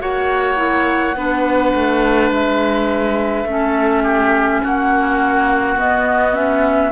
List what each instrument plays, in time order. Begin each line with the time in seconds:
0.00 cello A#3, clarinet F#4, oboe C#5, flute F#5
0.56 clarinet E4
1.16 cello B3, clarinet D4, oboe B4
1.75 cello A3
2.31 cello G#3, flute E5
3.44 cello A3, clarinet C#4
3.52 oboe A4
4.03 oboe G4
4.63 cello A#3, oboe F#4, flute F#5
5.76 cello B3, clarinet B3, flute D#5
6.34 clarinet C#4, flute E5